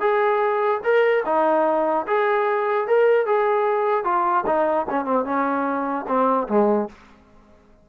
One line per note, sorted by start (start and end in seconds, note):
0.00 0.81 G#4
0.83 1.24 A#4
1.25 2.06 D#4
2.06 2.87 G#4
2.87 3.26 A#4
3.26 4.04 G#4
4.04 4.44 F4
4.46 4.86 D#4
4.90 5.05 C#4
5.05 5.25 C4
5.25 6.05 C#4
6.07 6.48 C4
6.48 6.88 G#3